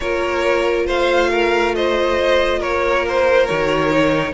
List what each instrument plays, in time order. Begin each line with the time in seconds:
0.00 cello A#3, viola F4, violin A#4 C#5
0.86 cello A3, violin C5 F5
1.31 violin A#4
1.75 violin C5 D#5
2.59 cello A#3, violin A#4 C#5
3.08 violin C5
3.46 cello D#3, viola F#4, violin C#5
3.91 viola D#4